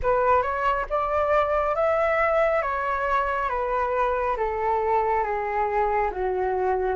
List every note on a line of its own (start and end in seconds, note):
0.02 0.42 B4
0.42 0.85 C#5
0.89 1.75 D5
1.75 2.62 E5
2.62 3.49 C#5
3.49 4.36 B4
4.37 5.23 A4
5.23 6.10 G#4
6.11 6.96 F#4